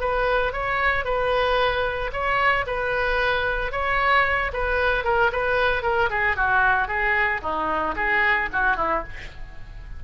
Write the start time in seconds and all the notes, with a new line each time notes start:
0.00 B4
0.52 C#5
1.04 B4
2.12 C#5
2.66 B4
3.71 C#5
4.53 B4
5.04 A#4
5.32 B4
5.82 A#4
6.09 G#4
6.36 F#4
6.87 G#4
7.41 D#4
7.95 G#4
8.52 F#4
8.76 E4